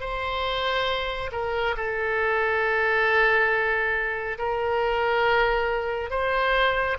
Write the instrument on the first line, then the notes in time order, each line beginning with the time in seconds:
oboe
0.00 C5
1.32 A#4
1.77 A4
4.38 A#4
6.10 C5